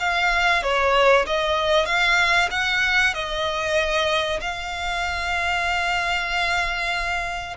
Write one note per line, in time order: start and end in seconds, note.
0.00 0.63 F5
0.63 1.26 C#5
1.27 1.86 D#5
1.86 2.49 F5
2.51 3.14 F#5
3.14 4.40 D#5
4.41 7.57 F5